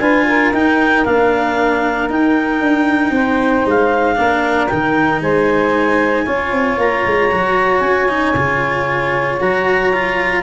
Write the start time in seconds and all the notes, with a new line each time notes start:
0.00 D4 F4 B4 G#5
0.28 A#4
0.53 D#4 G5
1.05 A#3 D4 F5
2.10 D#4 G5
2.61 D4
3.11 C4 C5
3.66 G#3 F5
4.16 A#3 D4 A#4
4.68 D#3 D#4 G5
5.22 G#3 C5 G#5
6.25 C#4 F4 C#5
6.52 C4
6.78 A#3 A#5
7.06 G#3
7.32 F#3 F#4
7.80 C#4 G#5
8.09 D#4
8.35 C#3 F4
9.41 F#3 F#4 A#5
9.93 F4